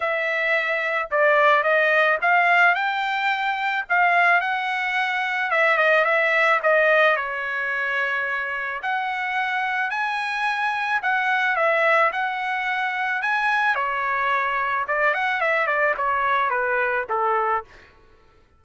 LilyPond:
\new Staff \with { instrumentName = "trumpet" } { \time 4/4 \tempo 4 = 109 e''2 d''4 dis''4 | f''4 g''2 f''4 | fis''2 e''8 dis''8 e''4 | dis''4 cis''2. |
fis''2 gis''2 | fis''4 e''4 fis''2 | gis''4 cis''2 d''8 fis''8 | e''8 d''8 cis''4 b'4 a'4 | }